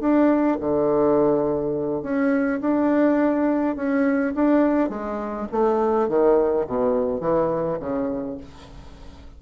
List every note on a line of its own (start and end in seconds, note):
0.00 0.58 D4
0.60 2.02 D3
2.02 2.60 C#4
2.61 3.76 D4
3.76 4.33 C#4
4.35 4.89 D4
4.89 5.47 G#3
5.51 6.08 A3
6.08 6.66 D#3
6.67 7.20 B2
7.20 7.78 E3
7.79 8.37 C#3